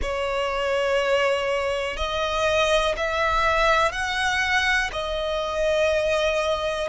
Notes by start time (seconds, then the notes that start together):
0.01 C#5
1.97 D#5
2.96 E5
3.92 F#5
4.92 D#5